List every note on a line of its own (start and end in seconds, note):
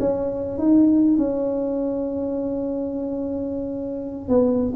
0.00 0.58 C#4
0.58 1.17 D#4
1.17 4.29 C#4
4.29 4.73 B3